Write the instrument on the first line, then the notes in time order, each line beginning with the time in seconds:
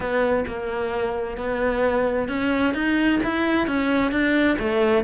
cello
0.00 B3
0.47 A#3
1.37 B3
2.28 C#4
2.74 D#4
3.23 E4
3.67 C#4
4.11 D4
4.59 A3